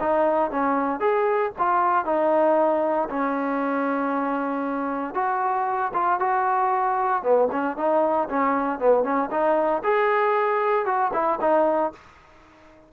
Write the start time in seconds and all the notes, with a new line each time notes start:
0.00 D#4
0.51 C#4
1.00 G#4
1.59 F4
2.05 D#4
3.10 C#4
5.14 F#4
5.94 F4
6.20 F#4
7.23 B3
7.52 C#4
7.77 D#4
8.29 C#4
8.79 B3
9.04 C#4
9.31 D#4
9.84 G#4
10.86 F#4
11.13 E4
11.41 D#4